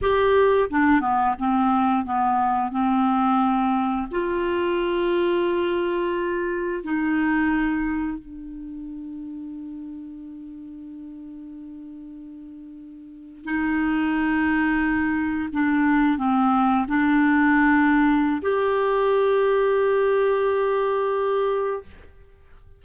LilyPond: \new Staff \with { instrumentName = "clarinet" } { \time 4/4 \tempo 4 = 88 g'4 d'8 b8 c'4 b4 | c'2 f'2~ | f'2 dis'2 | d'1~ |
d'2.~ d'8. dis'16~ | dis'2~ dis'8. d'4 c'16~ | c'8. d'2~ d'16 g'4~ | g'1 | }